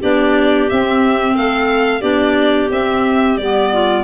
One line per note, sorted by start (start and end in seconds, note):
0.00 0.71 B3
0.00 0.69 D4
0.00 1.35 G4
0.00 0.69 D5
0.69 1.36 C4
0.69 2.02 C4
0.69 1.36 E5
1.35 2.02 A3
1.35 2.01 A4
1.35 2.01 F5
2.01 2.70 B3
2.01 2.69 D4
2.01 3.69 G4
2.01 2.69 D5
2.71 3.37 C4
2.71 3.39 C4
2.71 3.37 E5
3.37 4.04 G3
3.37 4.04 B3
3.37 4.04 D5
3.72 4.04 F4